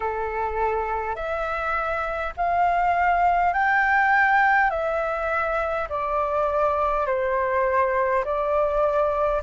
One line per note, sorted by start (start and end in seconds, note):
0.00 1.15 A4
1.15 2.33 E5
2.36 3.53 F5
3.53 4.70 G5
4.70 5.88 E5
5.89 7.06 D5
7.06 8.24 C5
8.24 9.42 D5